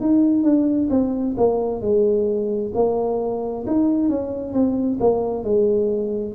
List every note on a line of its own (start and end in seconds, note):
0.00 0.43 D#4
0.43 0.88 D4
0.90 1.35 C4
1.37 1.81 A#3
1.81 2.71 G#3
2.74 3.65 A#3
3.67 4.09 D#4
4.09 4.52 C#4
4.52 4.98 C4
5.00 5.43 A#3
5.43 6.34 G#3